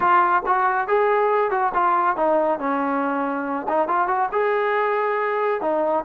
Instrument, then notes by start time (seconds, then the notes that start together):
trombone
0.00 F4
0.46 F#4
0.87 G#4
1.50 F#4
1.73 F4
2.16 D#4
2.59 C#4
3.68 D#4
3.88 F4
4.07 F#4
4.31 G#4
5.61 D#4